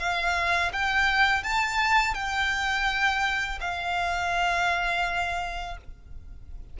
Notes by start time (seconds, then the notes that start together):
0.00 F5
0.73 G5
1.44 A5
2.15 G5
3.61 F5